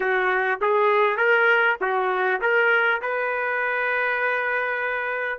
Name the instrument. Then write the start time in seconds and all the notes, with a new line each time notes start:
trumpet
0.00 F#4
0.61 G#4
1.16 A#4
1.80 F#4
2.41 A#4
3.01 B4